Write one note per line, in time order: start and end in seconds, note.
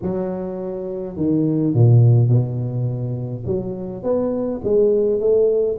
0.02 1.16 F#3
1.16 1.74 D#3
1.74 2.28 A#2
2.28 3.44 B2
3.46 4.03 F#3
4.03 4.60 B3
4.63 5.19 G#3
5.19 5.77 A3